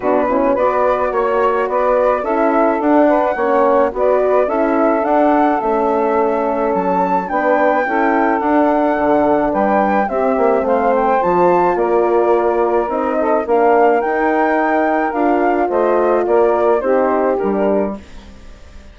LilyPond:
<<
  \new Staff \with { instrumentName = "flute" } { \time 4/4 \tempo 4 = 107 b'4 d''4 cis''4 d''4 | e''4 fis''2 d''4 | e''4 fis''4 e''2 | a''4 g''2 fis''4~ |
fis''4 g''4 e''4 f''8 g''8 | a''4 d''2 dis''4 | f''4 g''2 f''4 | dis''4 d''4 c''4 ais'4 | }
  \new Staff \with { instrumentName = "saxophone" } { \time 4/4 fis'8 e'8 b'4 cis''4 b'4 | a'4. b'8 cis''4 b'4 | a'1~ | a'4 b'4 a'2~ |
a'4 b'4 g'4 c''4~ | c''4 ais'2~ ais'8 a'8 | ais'1 | c''4 ais'4 g'2 | }
  \new Staff \with { instrumentName = "horn" } { \time 4/4 d'8 cis'8 fis'2. | e'4 d'4 cis'4 fis'4 | e'4 d'4 cis'2~ | cis'4 d'4 e'4 d'4~ |
d'2 c'2 | f'2. dis'4 | d'4 dis'2 f'4~ | f'2 dis'4 d'4 | }
  \new Staff \with { instrumentName = "bassoon" } { \time 4/4 b,4 b4 ais4 b4 | cis'4 d'4 ais4 b4 | cis'4 d'4 a2 | fis4 b4 cis'4 d'4 |
d4 g4 c'8 ais8 a4 | f4 ais2 c'4 | ais4 dis'2 d'4 | a4 ais4 c'4 g4 | }
>>